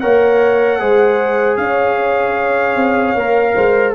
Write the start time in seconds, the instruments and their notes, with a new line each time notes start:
0.00 tuba A#3, trombone A#4, horn C#5, trumpet F#5
0.80 tuba G#3, trombone G#4, horn C5
1.57 tuba C#4, horn C#5, trumpet F5
2.76 tuba C4
3.15 tuba A#3, trombone A#4
3.55 tuba G#3, horn C5